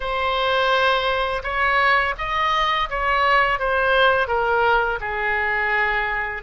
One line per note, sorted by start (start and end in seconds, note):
0.00 1.42 C5
1.43 2.14 C#5
2.18 2.89 D#5
2.89 3.59 C#5
3.59 4.27 C5
4.27 4.99 A#4
5.00 6.43 G#4